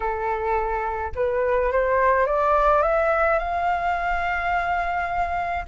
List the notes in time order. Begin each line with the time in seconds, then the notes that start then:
0.00 A4
1.15 B4
1.72 C5
2.26 D5
2.82 E5
3.38 F5